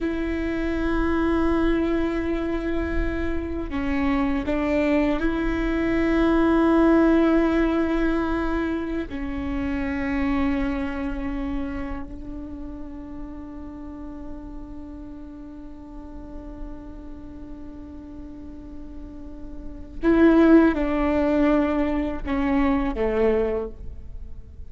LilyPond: \new Staff \with { instrumentName = "viola" } { \time 4/4 \tempo 4 = 81 e'1~ | e'4 cis'4 d'4 e'4~ | e'1~ | e'16 cis'2.~ cis'8.~ |
cis'16 d'2.~ d'8.~ | d'1~ | d'2. e'4 | d'2 cis'4 a4 | }